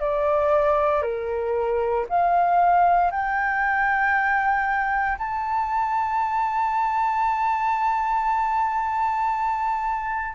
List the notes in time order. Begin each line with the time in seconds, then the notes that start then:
0.00 D5
1.02 A#4
2.09 F5
3.11 G5
5.18 A5